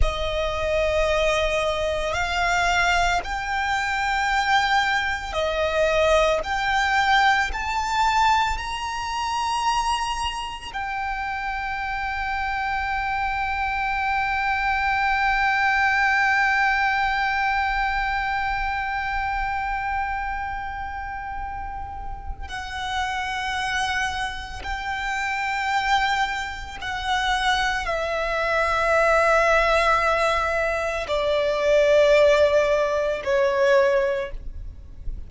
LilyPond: \new Staff \with { instrumentName = "violin" } { \time 4/4 \tempo 4 = 56 dis''2 f''4 g''4~ | g''4 dis''4 g''4 a''4 | ais''2 g''2~ | g''1~ |
g''1~ | g''4 fis''2 g''4~ | g''4 fis''4 e''2~ | e''4 d''2 cis''4 | }